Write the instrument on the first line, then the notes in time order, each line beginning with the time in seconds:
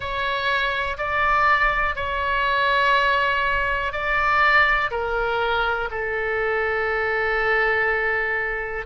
oboe
0.00 C#5
0.97 D5
1.95 C#5
3.92 D5
4.90 A#4
5.90 A4